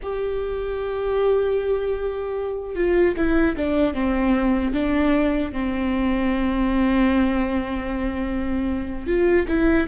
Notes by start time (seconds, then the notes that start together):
0.02 G4
2.75 F4
3.16 E4
3.56 D4
3.94 C4
4.73 D4
5.52 C4
9.06 F4
9.47 E4